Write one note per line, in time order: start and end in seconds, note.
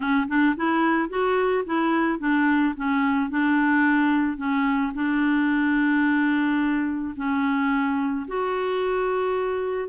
0.00 0.27 C#4
0.28 0.55 D4
0.56 1.09 E4
1.09 1.64 F#4
1.65 2.19 E4
2.19 2.74 D4
2.76 3.30 C#4
3.30 4.37 D4
4.37 4.92 C#4
4.94 7.14 D4
7.16 8.26 C#4
8.27 9.88 F#4